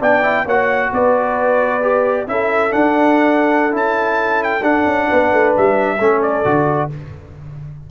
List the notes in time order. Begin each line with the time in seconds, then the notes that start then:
0.00 B3 D4 D5 G5
0.23 E4
0.45 A#3 F#4 C#5 F#5
0.93 B3 B4 D5
1.81 G4
2.27 C#4 E4 A4 E5
2.71 D4 F#5
3.71 C#4 E4 A5
4.44 G5
4.62 D4 F#5
4.86 C#4
5.10 B3 B4
5.33 A3
5.57 G3 E5
5.99 A3 C#4 A4
6.22 D5
6.45 D3 F#4